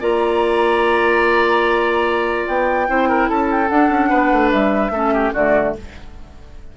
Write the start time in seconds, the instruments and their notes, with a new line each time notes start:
0.00 bassoon A#3, clarinet F4, oboe D5, flute A#5
2.47 bassoon B3, flute G5
2.88 bassoon C4, clarinet E4, oboe C5
3.09 oboe A#4
3.29 bassoon C#4, oboe A4, flute A5
3.51 flute G5
3.68 clarinet D4, bassoon D4, flute F#5
3.89 bassoon C#4
4.09 bassoon B3, oboe B4
4.32 bassoon A3
4.51 bassoon G3, flute E5
4.90 bassoon A3, clarinet C#4, oboe A4
5.14 oboe G4
5.33 bassoon D3, clarinet A3, oboe F#4, flute D5